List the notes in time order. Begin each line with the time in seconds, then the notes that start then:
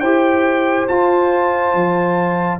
0.00 E4 G4 C5 G5
0.87 F4 A5
1.74 F3